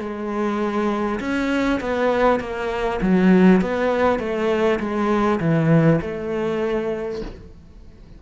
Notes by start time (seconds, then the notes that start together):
0.00 G#3
1.20 C#4
1.81 B3
2.40 A#3
3.02 F#3
3.61 B3
4.19 A3
4.80 G#3
5.40 E3
6.02 A3